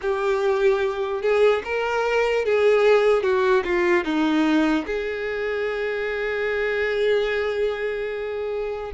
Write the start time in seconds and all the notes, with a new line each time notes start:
0.01 G4
1.22 G#4
1.64 A#4
2.45 G#4
3.22 F#4
3.64 F4
4.04 D#4
4.86 G#4